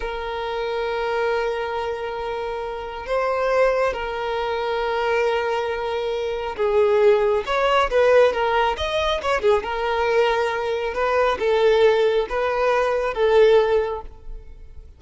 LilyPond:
\new Staff \with { instrumentName = "violin" } { \time 4/4 \tempo 4 = 137 ais'1~ | ais'2. c''4~ | c''4 ais'2.~ | ais'2. gis'4~ |
gis'4 cis''4 b'4 ais'4 | dis''4 cis''8 gis'8 ais'2~ | ais'4 b'4 a'2 | b'2 a'2 | }